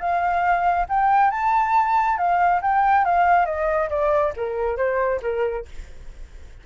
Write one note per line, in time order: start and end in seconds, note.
0.00 0.87 F5
0.89 1.31 G5
1.31 2.18 A5
2.18 2.61 F5
2.62 3.05 G5
3.05 3.46 F5
3.46 3.90 D#5
3.90 4.34 D5
4.37 4.77 A#4
4.77 5.21 C5
5.23 5.66 A#4